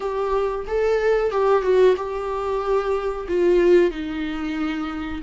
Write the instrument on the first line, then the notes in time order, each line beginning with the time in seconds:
viola
0.00 G4
0.67 A4
1.31 G4
1.62 F#4
1.96 G4
3.28 F4
3.90 D#4